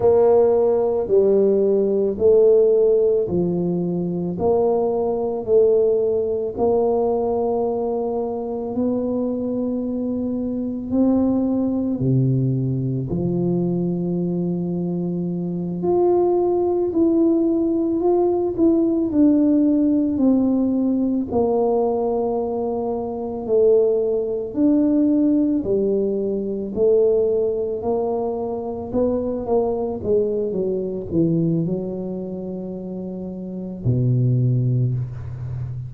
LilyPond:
\new Staff \with { instrumentName = "tuba" } { \time 4/4 \tempo 4 = 55 ais4 g4 a4 f4 | ais4 a4 ais2 | b2 c'4 c4 | f2~ f8 f'4 e'8~ |
e'8 f'8 e'8 d'4 c'4 ais8~ | ais4. a4 d'4 g8~ | g8 a4 ais4 b8 ais8 gis8 | fis8 e8 fis2 b,4 | }